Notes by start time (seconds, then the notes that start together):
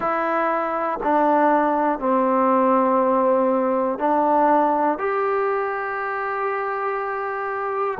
0.00 E4
1.03 D4
1.99 C4
3.98 D4
4.98 G4